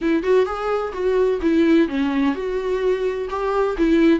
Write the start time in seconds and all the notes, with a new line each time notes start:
0.01 E4
0.23 F#4
0.45 G#4
0.93 F#4
1.41 E4
1.88 C#4
2.34 F#4
3.29 G4
3.77 E4